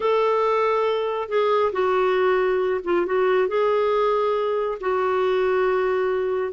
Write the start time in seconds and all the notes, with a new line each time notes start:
0.00 A4
1.28 G#4
1.72 F#4
2.84 F4
3.06 F#4
3.48 G#4
4.80 F#4